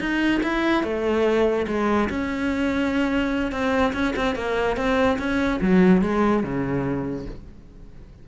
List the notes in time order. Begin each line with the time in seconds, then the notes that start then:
0.00 D#4
0.43 E4
0.84 A3
1.68 G#3
2.10 C#4
3.52 C4
3.94 C#4
4.16 C4
4.36 A#3
4.77 C4
5.19 C#4
5.61 F#3
6.02 G#3
6.43 C#3